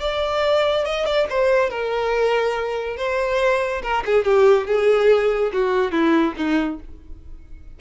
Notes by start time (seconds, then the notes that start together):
0.00 D5
0.85 D#5
1.05 D5
1.29 C5
1.70 A#4
2.97 C5
3.82 A#4
4.05 G#4
4.24 G4
4.67 G#4
5.53 F#4
5.91 E4
6.37 D#4